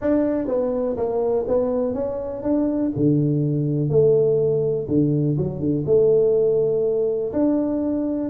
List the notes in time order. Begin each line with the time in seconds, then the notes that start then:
0.01 D4
0.47 B3
0.96 A#3
1.47 B3
1.94 C#4
2.43 D4
2.96 D3
3.89 A3
4.88 D3
5.37 F#3
5.59 D3
5.85 A3
7.33 D4